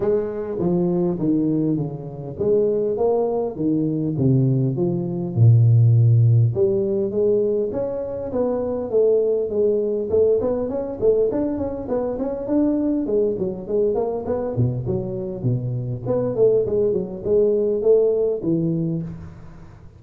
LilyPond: \new Staff \with { instrumentName = "tuba" } { \time 4/4 \tempo 4 = 101 gis4 f4 dis4 cis4 | gis4 ais4 dis4 c4 | f4 ais,2 g4 | gis4 cis'4 b4 a4 |
gis4 a8 b8 cis'8 a8 d'8 cis'8 | b8 cis'8 d'4 gis8 fis8 gis8 ais8 | b8 b,8 fis4 b,4 b8 a8 | gis8 fis8 gis4 a4 e4 | }